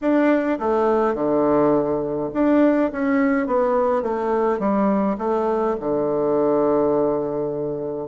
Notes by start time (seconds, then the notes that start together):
0.01 D4
0.59 A3
1.14 D3
2.33 D4
2.92 C#4
3.46 B3
4.02 A3
4.59 G3
5.18 A3
5.80 D3